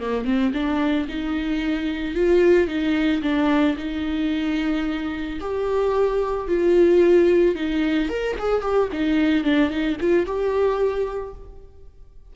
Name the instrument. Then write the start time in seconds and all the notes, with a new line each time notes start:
viola
0.00 A#3
0.25 C4
0.54 D4
1.08 D#4
2.15 F4
2.68 D#4
3.22 D4
3.77 D#4
5.40 G4
6.48 F4
7.55 D#4
8.09 A#4
8.39 G#4
8.62 G4
8.92 D#4
9.44 D4
9.70 D#4
10.00 F4
10.26 G4